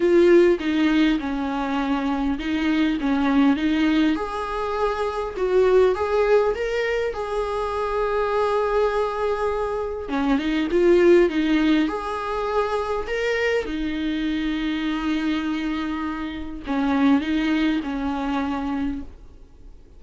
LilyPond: \new Staff \with { instrumentName = "viola" } { \time 4/4 \tempo 4 = 101 f'4 dis'4 cis'2 | dis'4 cis'4 dis'4 gis'4~ | gis'4 fis'4 gis'4 ais'4 | gis'1~ |
gis'4 cis'8 dis'8 f'4 dis'4 | gis'2 ais'4 dis'4~ | dis'1 | cis'4 dis'4 cis'2 | }